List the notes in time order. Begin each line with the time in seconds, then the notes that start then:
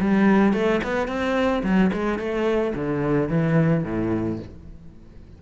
0.00 G3
0.53 A3
0.84 B3
1.07 C4
1.63 F#3
1.93 G#3
2.19 A3
2.75 D3
3.29 E3
3.84 A2